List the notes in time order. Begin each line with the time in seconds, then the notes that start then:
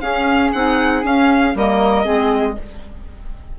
0.00 C#4 G#4 F5
0.52 C4 D#4 F#5
1.02 C#4 F5
1.55 G3 A#3 A#4 D#5
2.03 G#3 C4 G#4